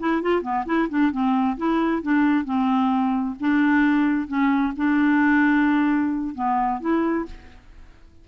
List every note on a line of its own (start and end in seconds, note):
0.00 0.23 E4
0.23 0.42 F4
0.42 0.65 B3
0.66 0.88 E4
0.89 1.12 D4
1.12 1.57 C4
1.57 2.03 E4
2.03 2.45 D4
2.45 3.36 C4
3.40 4.28 D4
4.28 4.73 C#4
4.77 6.35 D4
6.35 6.81 B3
6.81 7.26 E4